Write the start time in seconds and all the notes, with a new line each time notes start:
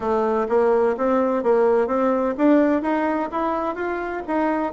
0.00 A3
0.48 A#3
0.97 C4
1.43 A#3
1.87 C4
2.37 D4
2.82 D#4
3.31 E4
3.75 F4
4.27 D#4